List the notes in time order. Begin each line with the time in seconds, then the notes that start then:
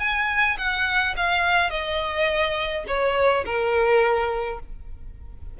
0.00 G#5
0.58 F#5
1.17 F5
1.71 D#5
2.88 C#5
3.45 A#4